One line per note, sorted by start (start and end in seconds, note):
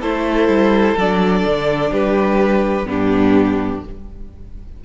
0.00 0.48 A3
0.00 0.97 E4
0.00 1.90 A4
0.00 0.97 C5
0.48 0.96 G3
0.97 1.45 F#3
0.97 2.85 D4
0.97 1.93 D5
1.46 1.91 D3
1.91 2.85 G3
1.91 2.86 G4
1.91 2.88 B4
2.85 3.80 G2
2.85 3.80 B3
2.85 3.84 D4
2.85 3.84 G4